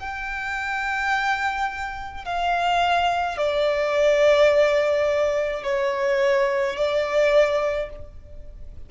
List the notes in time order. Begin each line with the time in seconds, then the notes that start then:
0.00 G5
2.25 F5
3.38 D5
5.64 C#5
6.77 D5